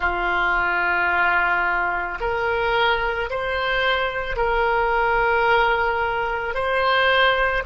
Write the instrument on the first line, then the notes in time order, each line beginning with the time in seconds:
oboe
0.00 F4
2.20 A#4
3.30 C5
4.36 A#4
6.54 C5